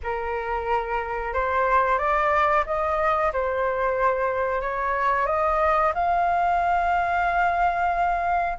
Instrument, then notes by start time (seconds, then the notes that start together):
flute
0.03 A#4
1.33 C5
1.98 D5
2.66 D#5
3.32 C5
4.61 C#5
5.26 D#5
5.94 F5